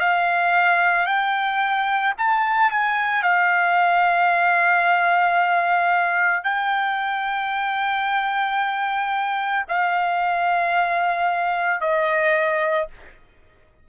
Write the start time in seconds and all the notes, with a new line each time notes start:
0.00 F5
1.06 G5
2.18 A5
2.71 G#5
3.23 F5
6.44 G5
9.69 F5
11.81 D#5